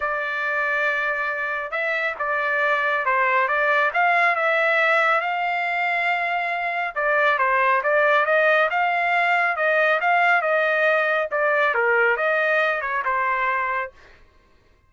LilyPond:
\new Staff \with { instrumentName = "trumpet" } { \time 4/4 \tempo 4 = 138 d''1 | e''4 d''2 c''4 | d''4 f''4 e''2 | f''1 |
d''4 c''4 d''4 dis''4 | f''2 dis''4 f''4 | dis''2 d''4 ais'4 | dis''4. cis''8 c''2 | }